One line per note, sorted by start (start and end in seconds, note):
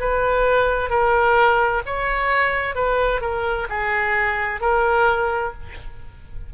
0.00 0.90 B4
0.90 1.82 A#4
1.86 2.75 C#5
2.75 3.21 B4
3.21 3.68 A#4
3.70 4.61 G#4
4.61 5.53 A#4